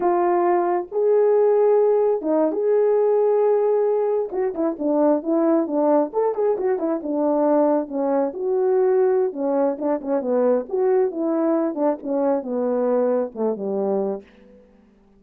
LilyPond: \new Staff \with { instrumentName = "horn" } { \time 4/4 \tempo 4 = 135 f'2 gis'2~ | gis'4 dis'8. gis'2~ gis'16~ | gis'4.~ gis'16 fis'8 e'8 d'4 e'16~ | e'8. d'4 a'8 gis'8 fis'8 e'8 d'16~ |
d'4.~ d'16 cis'4 fis'4~ fis'16~ | fis'4 cis'4 d'8 cis'8 b4 | fis'4 e'4. d'8 cis'4 | b2 a8 g4. | }